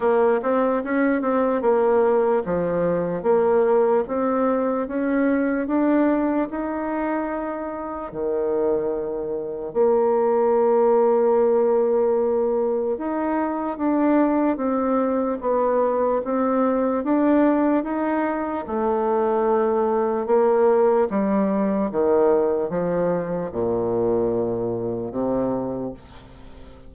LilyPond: \new Staff \with { instrumentName = "bassoon" } { \time 4/4 \tempo 4 = 74 ais8 c'8 cis'8 c'8 ais4 f4 | ais4 c'4 cis'4 d'4 | dis'2 dis2 | ais1 |
dis'4 d'4 c'4 b4 | c'4 d'4 dis'4 a4~ | a4 ais4 g4 dis4 | f4 ais,2 c4 | }